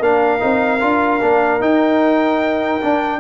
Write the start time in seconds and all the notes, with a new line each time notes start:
0.00 A#3 D4 A#4 F5
0.40 C4 D#4
0.81 D4 F4
1.22 A#3 D4
1.61 D#4 G5
2.81 D4